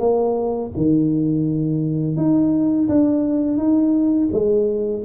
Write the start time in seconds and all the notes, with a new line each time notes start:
0.00 A#3
0.77 D#3
2.17 D#4
2.89 D4
3.58 D#4
4.32 G#3